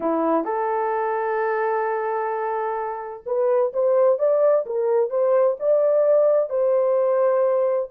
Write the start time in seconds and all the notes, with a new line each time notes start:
0.00 E4
0.44 A4
3.26 B4
3.73 C5
4.18 D5
4.66 A#4
5.10 C5
5.59 D5
6.49 C5